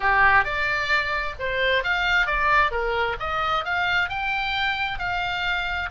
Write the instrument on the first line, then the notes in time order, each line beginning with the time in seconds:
oboe
0.00 G4
0.44 D5
1.39 C5
1.83 F5
2.26 D5
2.71 A#4
3.19 D#5
3.64 F5
4.09 G5
4.98 F5